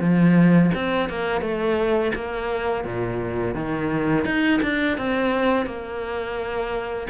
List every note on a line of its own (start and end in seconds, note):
0.00 0.71 F3
0.74 1.09 C4
1.09 1.41 A#3
1.41 2.12 A3
2.15 2.84 A#3
2.84 3.55 A#2
3.55 4.25 D#3
4.25 4.60 D#4
4.62 4.97 D4
4.98 5.66 C4
5.66 7.07 A#3